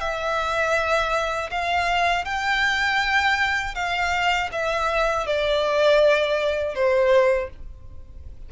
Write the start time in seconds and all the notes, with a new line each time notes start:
0.00 E5
1.51 F5
2.25 G5
3.75 F5
4.52 E5
5.26 D5
6.75 C5